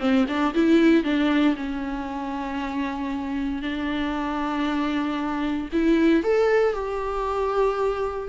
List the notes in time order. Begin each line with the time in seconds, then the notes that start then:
0.00 C4
0.28 D4
0.54 E4
1.04 D4
1.56 C#4
3.62 D4
5.73 E4
6.24 A4
6.74 G4